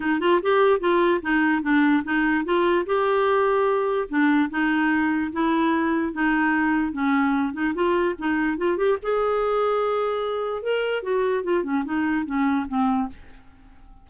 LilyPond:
\new Staff \with { instrumentName = "clarinet" } { \time 4/4 \tempo 4 = 147 dis'8 f'8 g'4 f'4 dis'4 | d'4 dis'4 f'4 g'4~ | g'2 d'4 dis'4~ | dis'4 e'2 dis'4~ |
dis'4 cis'4. dis'8 f'4 | dis'4 f'8 g'8 gis'2~ | gis'2 ais'4 fis'4 | f'8 cis'8 dis'4 cis'4 c'4 | }